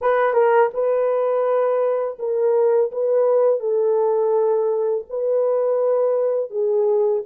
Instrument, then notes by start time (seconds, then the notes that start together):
horn
0.01 B4
0.33 A#4
0.73 B4
2.19 A#4
2.91 B4
3.59 A4
5.09 B4
6.50 G#4